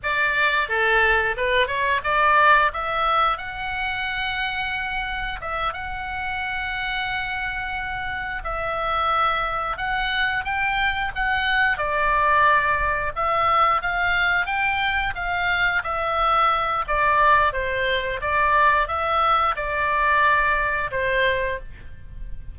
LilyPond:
\new Staff \with { instrumentName = "oboe" } { \time 4/4 \tempo 4 = 89 d''4 a'4 b'8 cis''8 d''4 | e''4 fis''2. | e''8 fis''2.~ fis''8~ | fis''8 e''2 fis''4 g''8~ |
g''8 fis''4 d''2 e''8~ | e''8 f''4 g''4 f''4 e''8~ | e''4 d''4 c''4 d''4 | e''4 d''2 c''4 | }